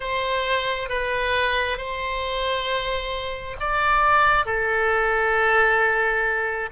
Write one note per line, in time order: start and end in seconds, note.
0.00 0.89 C5
0.89 1.77 B4
1.77 3.56 C5
3.59 4.45 D5
4.45 6.69 A4